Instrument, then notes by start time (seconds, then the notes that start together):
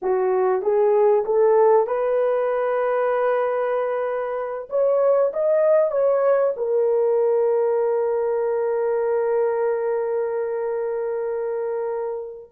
horn
0.02 F#4
0.62 G#4
1.25 A4
1.86 B4
4.69 C#5
5.33 D#5
5.91 C#5
6.56 A#4